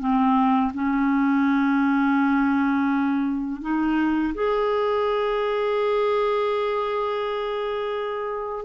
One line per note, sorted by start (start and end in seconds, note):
0.00 0.72 C4
0.74 3.62 C#4
3.62 4.34 D#4
4.35 8.65 G#4